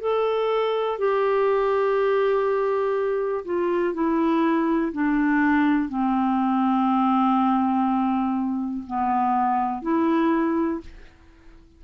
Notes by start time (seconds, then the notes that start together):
0.00 A4
0.98 G4
3.44 F4
3.93 E4
4.92 D4
5.88 C4
8.87 B3
9.82 E4